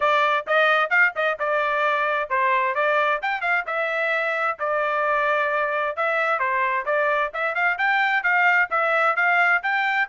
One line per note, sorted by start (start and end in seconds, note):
0.00 0.45 D5
0.46 0.90 D#5
0.90 1.13 F5
1.15 1.38 D#5
1.39 2.29 D5
2.29 2.75 C5
2.75 3.20 D5
3.22 3.41 G5
3.41 3.64 F5
3.66 4.58 E5
4.59 5.96 D5
5.96 6.39 E5
6.39 6.85 C5
6.85 7.31 D5
7.33 7.54 E5
7.54 7.77 F5
7.78 8.23 G5
8.23 8.69 F5
8.70 9.16 E5
9.16 9.62 F5
9.62 10.08 G5